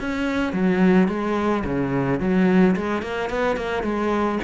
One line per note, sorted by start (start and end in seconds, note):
0.00 0.53 C#4
0.53 1.08 F#3
1.08 1.64 G#3
1.64 2.20 C#3
2.20 2.76 F#3
2.76 3.02 G#3
3.02 3.30 A#3
3.30 3.57 B3
3.57 3.83 A#3
3.83 4.39 G#3